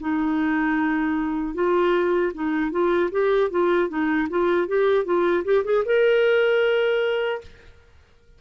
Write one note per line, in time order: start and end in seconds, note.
0.00 1.54 D#4
1.54 2.32 F4
2.34 2.71 D#4
2.71 3.10 F4
3.11 3.50 G4
3.50 3.89 F4
3.89 4.28 D#4
4.30 4.68 F4
4.68 5.05 G4
5.05 5.44 F4
5.44 5.64 G4
5.65 5.84 G#4
5.85 7.41 A#4